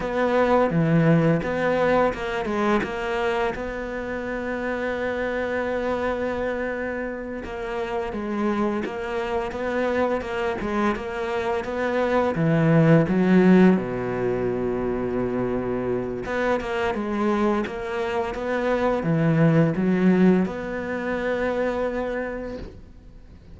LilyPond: \new Staff \with { instrumentName = "cello" } { \time 4/4 \tempo 4 = 85 b4 e4 b4 ais8 gis8 | ais4 b2.~ | b2~ b8 ais4 gis8~ | gis8 ais4 b4 ais8 gis8 ais8~ |
ais8 b4 e4 fis4 b,8~ | b,2. b8 ais8 | gis4 ais4 b4 e4 | fis4 b2. | }